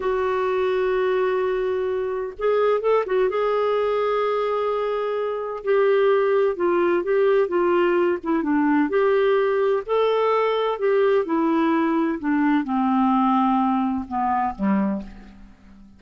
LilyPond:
\new Staff \with { instrumentName = "clarinet" } { \time 4/4 \tempo 4 = 128 fis'1~ | fis'4 gis'4 a'8 fis'8 gis'4~ | gis'1 | g'2 f'4 g'4 |
f'4. e'8 d'4 g'4~ | g'4 a'2 g'4 | e'2 d'4 c'4~ | c'2 b4 g4 | }